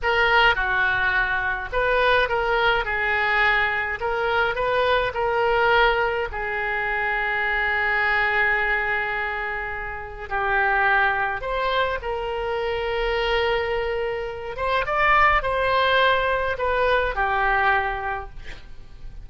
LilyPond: \new Staff \with { instrumentName = "oboe" } { \time 4/4 \tempo 4 = 105 ais'4 fis'2 b'4 | ais'4 gis'2 ais'4 | b'4 ais'2 gis'4~ | gis'1~ |
gis'2 g'2 | c''4 ais'2.~ | ais'4. c''8 d''4 c''4~ | c''4 b'4 g'2 | }